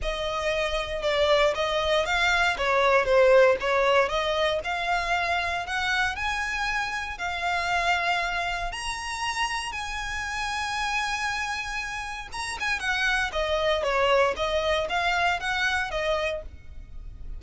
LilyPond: \new Staff \with { instrumentName = "violin" } { \time 4/4 \tempo 4 = 117 dis''2 d''4 dis''4 | f''4 cis''4 c''4 cis''4 | dis''4 f''2 fis''4 | gis''2 f''2~ |
f''4 ais''2 gis''4~ | gis''1 | ais''8 gis''8 fis''4 dis''4 cis''4 | dis''4 f''4 fis''4 dis''4 | }